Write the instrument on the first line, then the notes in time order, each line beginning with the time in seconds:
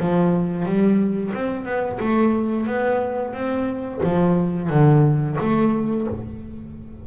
double bass
0.00 F3
0.66 G3
1.34 C4
1.65 B3
2.00 A3
2.67 B3
3.33 C4
4.04 F3
4.70 D3
5.40 A3